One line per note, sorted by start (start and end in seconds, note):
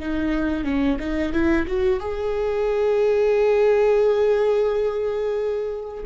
0.00 0.65 D#4
0.65 0.98 C#4
1.00 1.33 D#4
1.33 1.67 E4
1.67 2.00 F#4
2.00 6.05 G#4